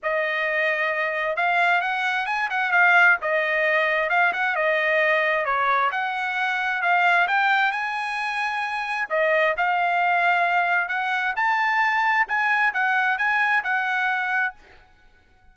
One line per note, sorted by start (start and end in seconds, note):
0.02 1.36 D#5
1.36 1.81 F5
1.81 2.25 F#5
2.25 2.48 G#5
2.50 2.71 F#5
2.71 3.17 F5
3.21 4.09 D#5
4.09 4.32 F5
4.32 4.55 F#5
4.55 5.45 D#5
5.45 5.90 C#5
5.91 6.82 F#5
6.82 7.27 F5
7.27 7.71 G5
7.71 9.08 G#5
9.09 9.55 D#5
9.57 10.88 F5
10.88 11.33 F#5
11.36 12.26 A5
12.27 12.73 G#5
12.73 13.17 F#5
13.17 13.63 G#5
13.63 14.54 F#5